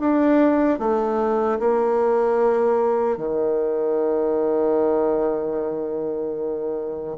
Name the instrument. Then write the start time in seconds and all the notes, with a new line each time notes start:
bassoon
0.00 D4
0.79 A3
1.60 A#3
3.17 D#3